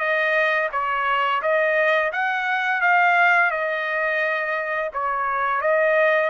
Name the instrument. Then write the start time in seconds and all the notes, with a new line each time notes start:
trumpet
0.00 D#5
0.72 C#5
1.42 D#5
2.12 F#5
2.82 F5
3.51 D#5
4.93 C#5
5.62 D#5